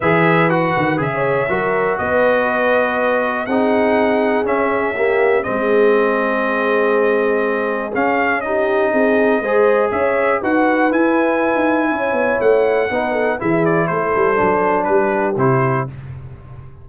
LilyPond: <<
  \new Staff \with { instrumentName = "trumpet" } { \time 4/4 \tempo 4 = 121 e''4 fis''4 e''2 | dis''2. fis''4~ | fis''4 e''2 dis''4~ | dis''1 |
f''4 dis''2. | e''4 fis''4 gis''2~ | gis''4 fis''2 e''8 d''8 | c''2 b'4 c''4 | }
  \new Staff \with { instrumentName = "horn" } { \time 4/4 b'2~ b'16 cis''8. ais'4 | b'2. gis'4~ | gis'2 g'4 gis'4~ | gis'1~ |
gis'4 g'4 gis'4 c''4 | cis''4 b'2. | cis''2 b'8 a'8 gis'4 | a'2 g'2 | }
  \new Staff \with { instrumentName = "trombone" } { \time 4/4 gis'4 fis'4 gis'4 fis'4~ | fis'2. dis'4~ | dis'4 cis'4 ais4 c'4~ | c'1 |
cis'4 dis'2 gis'4~ | gis'4 fis'4 e'2~ | e'2 dis'4 e'4~ | e'4 d'2 e'4 | }
  \new Staff \with { instrumentName = "tuba" } { \time 4/4 e4. dis8 cis4 fis4 | b2. c'4~ | c'4 cis'2 gis4~ | gis1 |
cis'2 c'4 gis4 | cis'4 dis'4 e'4~ e'16 dis'8. | cis'8 b8 a4 b4 e4 | a8 g8 fis4 g4 c4 | }
>>